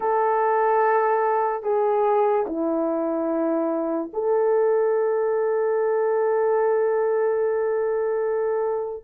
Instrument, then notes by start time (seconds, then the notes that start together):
horn
0.00 A4
1.63 G#4
2.46 E4
4.13 A4